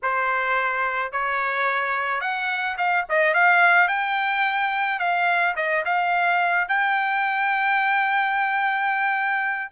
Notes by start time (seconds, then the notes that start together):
0.02 C5
1.12 C#5
2.20 F#5
2.77 F5
3.09 D#5
3.33 F5
3.88 G5
4.99 F5
5.56 D#5
5.85 F5
6.68 G5